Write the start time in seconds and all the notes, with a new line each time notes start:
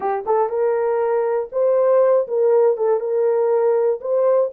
0.00 G4
0.25 A4
0.49 A#4
1.52 C5
2.27 A#4
2.77 A4
3.00 A#4
4.00 C5